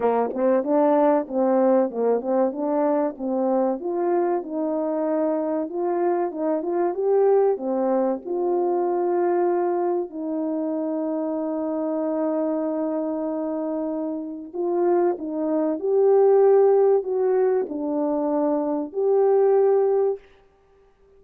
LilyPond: \new Staff \with { instrumentName = "horn" } { \time 4/4 \tempo 4 = 95 ais8 c'8 d'4 c'4 ais8 c'8 | d'4 c'4 f'4 dis'4~ | dis'4 f'4 dis'8 f'8 g'4 | c'4 f'2. |
dis'1~ | dis'2. f'4 | dis'4 g'2 fis'4 | d'2 g'2 | }